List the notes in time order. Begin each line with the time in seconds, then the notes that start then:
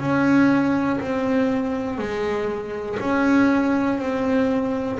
0.00 C#4
1.01 C4
1.99 G#3
3.00 C#4
3.99 C4